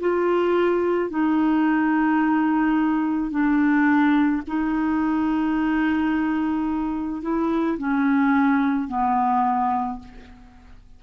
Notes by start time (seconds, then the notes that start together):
0.00 F4
1.10 D#4
3.31 D4
4.47 D#4
7.22 E4
7.78 C#4
8.88 B3